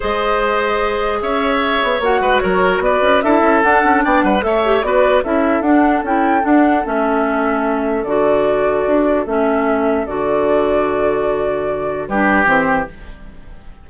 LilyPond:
<<
  \new Staff \with { instrumentName = "flute" } { \time 4/4 \tempo 4 = 149 dis''2. e''4~ | e''4 fis''4 cis''4 d''4 | e''4 fis''4 g''8 fis''8 e''4 | d''4 e''4 fis''4 g''4 |
fis''4 e''2. | d''2. e''4~ | e''4 d''2.~ | d''2 b'4 c''4 | }
  \new Staff \with { instrumentName = "oboe" } { \time 4/4 c''2. cis''4~ | cis''4. b'8 ais'4 b'4 | a'2 d''8 b'8 cis''4 | b'4 a'2.~ |
a'1~ | a'1~ | a'1~ | a'2 g'2 | }
  \new Staff \with { instrumentName = "clarinet" } { \time 4/4 gis'1~ | gis'4 fis'2. | e'4 d'2 a'8 g'8 | fis'4 e'4 d'4 e'4 |
d'4 cis'2. | fis'2. cis'4~ | cis'4 fis'2.~ | fis'2 d'4 c'4 | }
  \new Staff \with { instrumentName = "bassoon" } { \time 4/4 gis2. cis'4~ | cis'8 b8 ais8 gis8 fis4 b8 cis'8 | d'8 cis'8 d'8 cis'8 b8 g8 a4 | b4 cis'4 d'4 cis'4 |
d'4 a2. | d2 d'4 a4~ | a4 d2.~ | d2 g4 e4 | }
>>